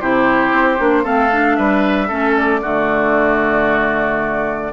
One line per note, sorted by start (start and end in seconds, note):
0.00 0.52 C3
0.00 0.78 E4
0.00 1.03 G4
0.00 1.05 C5
0.52 0.78 C4
0.78 1.05 A#3
0.78 1.04 D4
1.03 1.58 A3
1.03 1.30 C4
1.03 1.56 A4
1.03 1.56 F5
1.32 2.09 D4
1.56 2.11 G3
1.56 2.07 B4
1.56 2.35 E5
2.07 2.62 A3
2.07 2.61 C#4
2.07 2.60 A4
2.37 4.72 D5
2.61 4.72 D3
2.61 4.72 A3
2.61 4.72 F#4